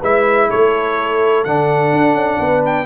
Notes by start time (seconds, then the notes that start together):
0.00 G#3 E4 B4 E5
0.50 A3 A4 C#5
1.45 D3 D4 F#5
1.93 D4
2.14 C#4
2.40 B3 B4
2.66 G5